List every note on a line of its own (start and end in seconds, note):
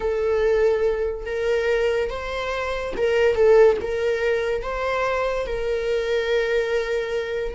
0.00 1.25 A4
1.26 2.10 A#4
2.10 2.94 C5
2.96 3.35 A#4
3.35 3.77 A4
3.81 4.62 A#4
4.62 5.46 C5
5.46 7.55 A#4